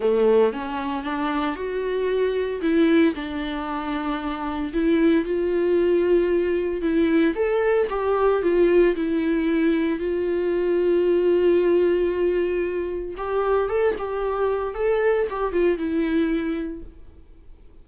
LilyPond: \new Staff \with { instrumentName = "viola" } { \time 4/4 \tempo 4 = 114 a4 cis'4 d'4 fis'4~ | fis'4 e'4 d'2~ | d'4 e'4 f'2~ | f'4 e'4 a'4 g'4 |
f'4 e'2 f'4~ | f'1~ | f'4 g'4 a'8 g'4. | a'4 g'8 f'8 e'2 | }